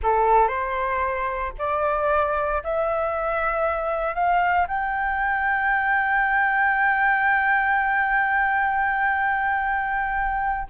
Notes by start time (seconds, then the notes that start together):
0.03 A4
0.48 C5
1.58 D5
2.63 E5
4.14 F5
4.67 G5